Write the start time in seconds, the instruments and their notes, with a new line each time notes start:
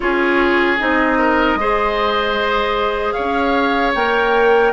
0.00 bassoon C#4, clarinet F4, oboe G#4, flute C#5
0.78 bassoon C4, clarinet D#4, flute D#5
1.18 oboe A#4
1.55 bassoon G#3, clarinet G#4, oboe C5
3.12 bassoon C#4, oboe C#5, flute F5
3.94 bassoon A#3, clarinet A#4, flute G5